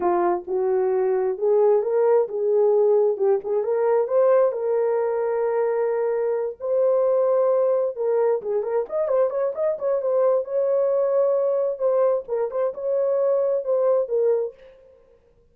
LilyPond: \new Staff \with { instrumentName = "horn" } { \time 4/4 \tempo 4 = 132 f'4 fis'2 gis'4 | ais'4 gis'2 g'8 gis'8 | ais'4 c''4 ais'2~ | ais'2~ ais'8 c''4.~ |
c''4. ais'4 gis'8 ais'8 dis''8 | c''8 cis''8 dis''8 cis''8 c''4 cis''4~ | cis''2 c''4 ais'8 c''8 | cis''2 c''4 ais'4 | }